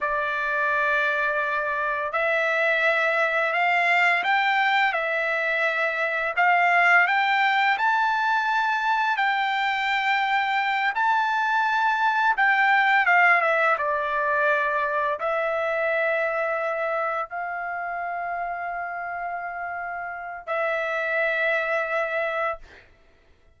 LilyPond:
\new Staff \with { instrumentName = "trumpet" } { \time 4/4 \tempo 4 = 85 d''2. e''4~ | e''4 f''4 g''4 e''4~ | e''4 f''4 g''4 a''4~ | a''4 g''2~ g''8 a''8~ |
a''4. g''4 f''8 e''8 d''8~ | d''4. e''2~ e''8~ | e''8 f''2.~ f''8~ | f''4 e''2. | }